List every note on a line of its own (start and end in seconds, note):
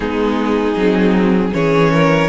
0.00 0.74 G#3
0.00 0.75 B3
0.00 1.53 D#4
0.00 1.53 G#4
0.76 1.53 F#3
0.76 1.52 C4
1.52 2.29 E3
1.52 2.29 C#4
1.52 1.92 G#4
1.52 2.29 C#5
1.92 2.29 A#4